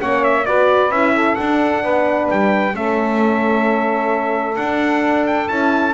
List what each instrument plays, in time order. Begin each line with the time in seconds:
0.00 double bass A#3, horn C#4, saxophone C#5, trumpet F#5
0.24 trumpet E5
0.46 double bass B3, horn F#4, saxophone B4, trumpet D5
0.90 double bass C#4, horn E4, trumpet E5
1.14 saxophone A4
1.35 horn D4, double bass D4, trumpet F#5
1.83 double bass B3, saxophone B4
2.30 double bass G3, trumpet G5
2.72 double bass A3, horn C#4, saxophone A4, trumpet E5
4.56 horn D4, double bass D4, trumpet F#5
5.27 trumpet G5
5.48 double bass C#4, horn E4, trumpet A5